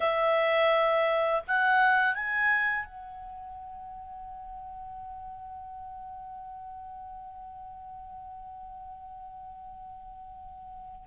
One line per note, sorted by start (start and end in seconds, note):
0.00 1.42 E5
1.47 2.14 F#5
2.14 2.85 G#5
2.85 11.06 F#5